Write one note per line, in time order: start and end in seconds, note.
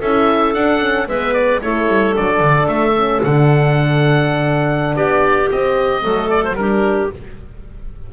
0.00 0.54 C#4
0.00 0.55 E4
0.00 1.07 A4
0.00 0.54 E5
0.54 1.07 D4
0.54 0.80 D4
0.54 1.07 F#5
0.80 1.07 C#4
1.07 1.61 G#3
1.07 1.62 B3
1.07 1.61 B4
1.07 1.33 E5
1.33 1.60 D5
1.61 1.87 A3
1.61 2.14 E4
1.61 4.96 A4
1.61 2.15 C#5
1.87 2.14 G3
2.14 2.40 F#3
2.14 2.94 D4
2.14 2.68 D5
2.40 2.67 D3
2.68 3.21 A3
2.68 3.21 E5
2.96 3.23 C#4
3.23 4.96 D3
3.23 5.49 D4
3.23 4.96 F#5
4.96 5.49 B3
4.96 6.02 G4
4.96 5.49 D5
5.49 6.01 C4
5.49 6.03 C4
5.49 6.30 D#5
6.01 6.54 F#3
6.01 6.55 A3
6.01 6.56 A4
6.30 6.43 D5
6.44 6.55 C5
6.54 7.08 G3
6.54 7.12 D4
6.54 7.13 G4
6.54 7.09 A#4